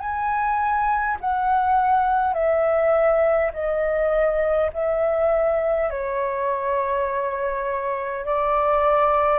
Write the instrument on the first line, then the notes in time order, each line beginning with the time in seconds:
flute
0.00 G#5
1.21 F#5
2.34 E5
3.53 D#5
4.74 E5
5.90 C#5
8.26 D5